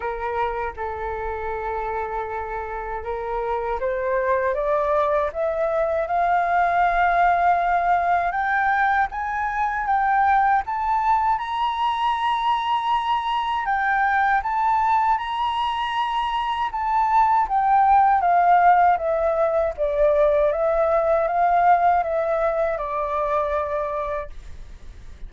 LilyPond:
\new Staff \with { instrumentName = "flute" } { \time 4/4 \tempo 4 = 79 ais'4 a'2. | ais'4 c''4 d''4 e''4 | f''2. g''4 | gis''4 g''4 a''4 ais''4~ |
ais''2 g''4 a''4 | ais''2 a''4 g''4 | f''4 e''4 d''4 e''4 | f''4 e''4 d''2 | }